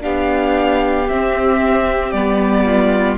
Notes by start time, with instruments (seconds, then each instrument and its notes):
0.00 cello B3, viola D4, violin G4 F5
1.09 cello C4, viola C4, violin E5
2.11 cello G3, viola B3, violin D5
2.65 violin F4